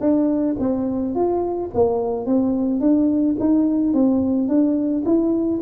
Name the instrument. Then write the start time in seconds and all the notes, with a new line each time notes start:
tuba
0.00 D4
0.59 C4
1.14 F4
1.74 A#3
2.26 C4
2.80 D4
3.39 D#4
3.93 C4
4.48 D4
5.05 E4